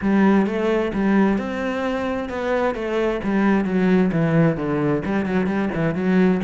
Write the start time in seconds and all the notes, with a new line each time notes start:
0.01 G3
0.46 A3
0.93 G3
1.37 C4
2.29 B3
2.74 A3
3.23 G3
3.65 F#3
4.12 E3
4.56 D3
5.05 G3
5.25 F#3
5.46 G3
5.74 E3
5.95 F#3